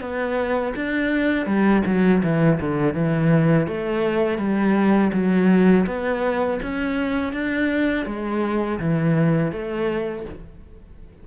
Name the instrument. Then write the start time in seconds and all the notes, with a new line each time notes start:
cello
0.00 B3
0.75 D4
1.46 G3
1.86 F#3
2.23 E3
2.60 D3
2.94 E3
3.67 A3
4.38 G3
5.13 F#3
5.86 B3
6.62 C#4
7.33 D4
8.06 G#3
8.79 E3
9.52 A3